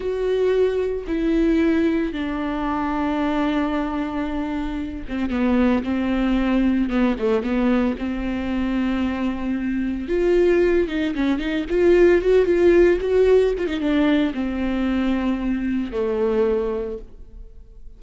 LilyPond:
\new Staff \with { instrumentName = "viola" } { \time 4/4 \tempo 4 = 113 fis'2 e'2 | d'1~ | d'4. c'8 b4 c'4~ | c'4 b8 a8 b4 c'4~ |
c'2. f'4~ | f'8 dis'8 cis'8 dis'8 f'4 fis'8 f'8~ | f'8 fis'4 f'16 dis'16 d'4 c'4~ | c'2 a2 | }